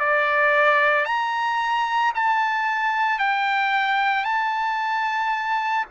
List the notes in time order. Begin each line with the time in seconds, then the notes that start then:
0.00 D5
1.06 A#5
2.15 A5
3.19 G5
4.25 A5